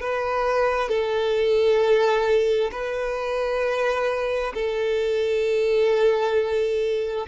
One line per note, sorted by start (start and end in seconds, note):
0.00 0.89 B4
0.89 2.71 A4
2.71 4.53 B4
4.54 7.27 A4